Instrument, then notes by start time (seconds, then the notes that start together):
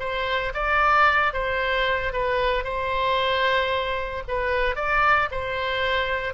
oboe
0.00 C5
0.54 D5
1.33 C5
2.13 B4
2.64 C5
4.28 B4
4.76 D5
5.31 C5